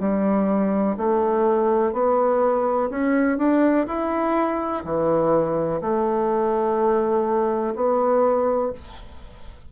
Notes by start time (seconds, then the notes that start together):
0.00 G3
0.97 A3
1.93 B3
2.90 C#4
3.38 D4
3.87 E4
4.84 E3
5.81 A3
7.76 B3